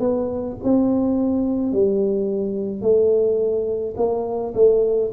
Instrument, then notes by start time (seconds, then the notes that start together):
tuba
0.00 B3
0.64 C4
1.73 G3
2.82 A3
3.97 A#3
4.55 A3